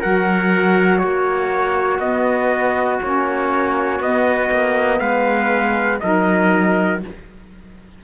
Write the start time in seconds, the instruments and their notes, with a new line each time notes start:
0.00 cello F#3, saxophone F#4, trumpet A#4 F#5
0.98 cello A#3, trumpet F#4 C#5
2.00 cello B3, saxophone B3, trumpet D#5
3.03 cello A#3, saxophone C#4, trumpet C#5
4.00 cello B3, saxophone B3, trumpet D#5
4.51 cello A#3
5.00 cello G#3, trumpet B4 F5
6.00 cello F#3, saxophone D#4, trumpet A#4 D#5